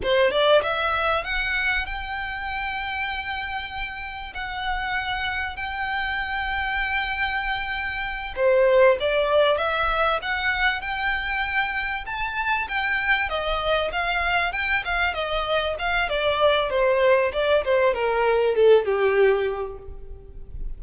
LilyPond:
\new Staff \with { instrumentName = "violin" } { \time 4/4 \tempo 4 = 97 c''8 d''8 e''4 fis''4 g''4~ | g''2. fis''4~ | fis''4 g''2.~ | g''4. c''4 d''4 e''8~ |
e''8 fis''4 g''2 a''8~ | a''8 g''4 dis''4 f''4 g''8 | f''8 dis''4 f''8 d''4 c''4 | d''8 c''8 ais'4 a'8 g'4. | }